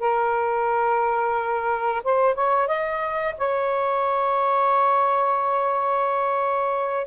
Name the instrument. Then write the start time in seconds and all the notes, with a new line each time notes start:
saxophone
0.00 A#4
2.04 C5
2.35 C#5
2.68 D#5
3.38 C#5